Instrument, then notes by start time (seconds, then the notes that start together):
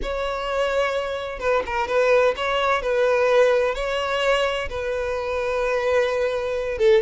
violin
0.02 C#5
1.39 B4
1.66 A#4
1.87 B4
2.36 C#5
2.82 B4
3.75 C#5
4.69 B4
6.78 A4